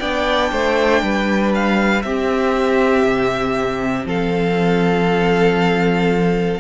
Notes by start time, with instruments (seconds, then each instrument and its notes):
0.00 cello B3, viola D4, violin D5 G5
0.51 cello A3, violin C5
1.02 cello G3, violin B4
1.55 violin F5
2.02 cello C4, viola C4, violin G4 E5
3.03 cello C3
4.05 cello F3, violin A4 F5